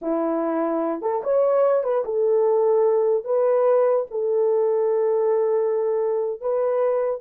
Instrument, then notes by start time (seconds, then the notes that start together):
horn
0.01 E4
1.01 A4
1.23 C#5
1.83 B4
2.04 A4
3.24 B4
4.10 A4
6.41 B4